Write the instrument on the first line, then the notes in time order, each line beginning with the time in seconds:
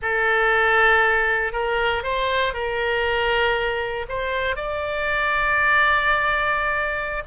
oboe
0.02 A4
1.52 A#4
2.03 C5
2.53 A#4
4.08 C5
4.56 D5